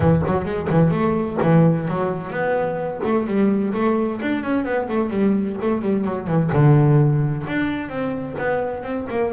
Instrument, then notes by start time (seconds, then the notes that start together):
double bass
0.00 E3
0.26 F#3
0.44 G#3
0.69 E3
0.90 A3
1.42 E3
1.87 F#3
2.30 B3
3.03 A3
3.26 G3
3.73 A3
4.21 D4
4.43 C#4
4.64 B3
4.88 A3
5.10 G3
5.61 A3
5.81 G3
6.04 F#3
6.27 E3
6.52 D3
7.47 D4
7.89 C4
8.38 B3
8.83 C4
9.10 A#3